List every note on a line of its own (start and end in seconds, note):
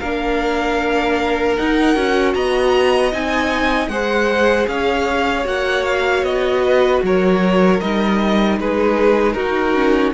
0.00 1.58 A#3
0.00 1.58 D4
0.00 2.34 A#4
0.00 1.56 F5
1.57 1.96 D#4
1.57 2.34 F#5
1.96 2.35 C#4
1.96 3.12 F#4
2.34 3.13 B3
2.34 3.91 D#5
2.34 3.12 A#5
3.12 3.88 C4
3.12 3.90 D#4
3.12 3.89 G#5
3.88 4.66 G#3
3.88 5.44 G#4
3.88 4.69 C5
3.88 4.67 F#5
4.68 5.46 C#4
4.68 6.64 C#5
4.68 5.46 F5
5.44 6.23 A#3
5.44 7.78 F#4
5.44 5.86 F#5
5.86 6.24 F5
6.23 7.01 B3
6.23 7.02 D#5
6.64 7.03 B4
7.03 7.81 F#3
7.03 8.60 A#4
7.03 7.81 C#5
7.81 8.60 G3
7.81 9.75 D#4
7.81 8.59 D#5
8.60 9.35 G#3
8.60 9.37 G#4
8.60 9.33 B4
9.33 10.13 D#4
9.33 10.14 F#4
9.33 10.11 A#4
9.75 10.14 C#4